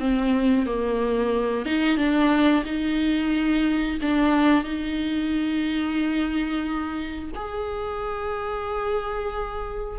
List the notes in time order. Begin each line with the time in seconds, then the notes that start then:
0.00 C4
0.66 A#3
1.66 D#4
1.98 D4
2.65 D#4
4.02 D4
4.64 D#4
7.36 G#4